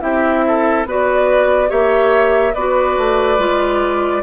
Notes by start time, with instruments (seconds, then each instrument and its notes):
0.00 bassoon C4, clarinet E4, oboe G4, flute E5
0.47 oboe A4
0.85 bassoon B3, clarinet F#4, oboe B4, flute D5
1.68 bassoon A#3, clarinet G4, oboe C#5, flute E5
2.54 bassoon B3, clarinet F#4, oboe B4, flute D5
2.97 bassoon A3
3.38 bassoon G#3, clarinet F4